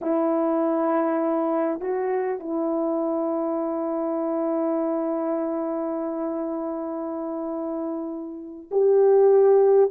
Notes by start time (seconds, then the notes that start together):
0.01 E4
1.80 F#4
2.39 E4
8.71 G4